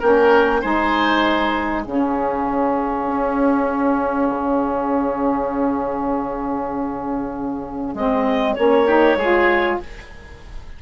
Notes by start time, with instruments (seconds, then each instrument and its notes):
0.00 bassoon A#3, saxophone C#4, oboe A#4, clarinet G5
0.62 bassoon G#3, saxophone D#4, oboe C5, clarinet G#5
1.83 bassoon C#3, saxophone C#4, oboe G#4, clarinet F5
3.07 bassoon C#4
4.30 bassoon C#3
7.94 bassoon G#3, saxophone C4, clarinet D#5
8.54 bassoon A#3, saxophone C#4, clarinet C#5
8.86 saxophone D#4, oboe G4
9.16 bassoon G#3, saxophone F4, oboe G#4